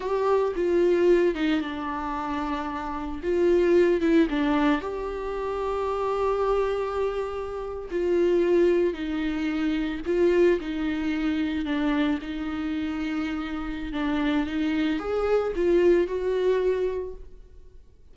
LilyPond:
\new Staff \with { instrumentName = "viola" } { \time 4/4 \tempo 4 = 112 g'4 f'4. dis'8 d'4~ | d'2 f'4. e'8 | d'4 g'2.~ | g'2~ g'8. f'4~ f'16~ |
f'8. dis'2 f'4 dis'16~ | dis'4.~ dis'16 d'4 dis'4~ dis'16~ | dis'2 d'4 dis'4 | gis'4 f'4 fis'2 | }